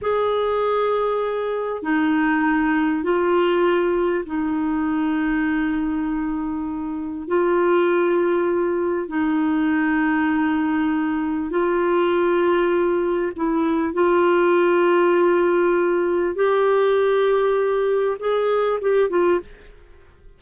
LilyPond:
\new Staff \with { instrumentName = "clarinet" } { \time 4/4 \tempo 4 = 99 gis'2. dis'4~ | dis'4 f'2 dis'4~ | dis'1 | f'2. dis'4~ |
dis'2. f'4~ | f'2 e'4 f'4~ | f'2. g'4~ | g'2 gis'4 g'8 f'8 | }